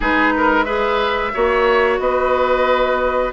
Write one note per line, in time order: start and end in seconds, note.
0.00 1.34 G#3
0.00 0.65 D#4
0.00 0.33 G#4
0.00 0.64 B4
0.36 0.65 A#4
0.64 1.31 G#4
0.64 1.32 B4
0.64 1.97 E5
1.33 1.99 A#3
1.33 3.32 F#4
1.33 2.00 C#5
1.99 3.32 B3
1.99 3.32 B4
1.99 3.32 D#5